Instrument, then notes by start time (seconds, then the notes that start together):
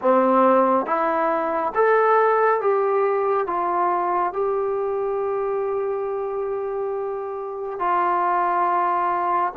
trombone
0.01 C4
0.85 E4
1.74 A4
2.60 G4
3.46 F4
4.32 G4
7.79 F4